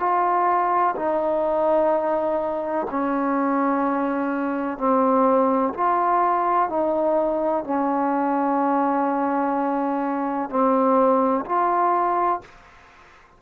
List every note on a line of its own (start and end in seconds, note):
0.00 0.95 F4
0.97 2.87 D#4
2.90 4.78 C#4
4.78 5.74 C4
5.74 6.70 F4
6.70 7.64 D#4
7.64 10.50 C#4
10.50 11.45 C4
11.46 12.41 F4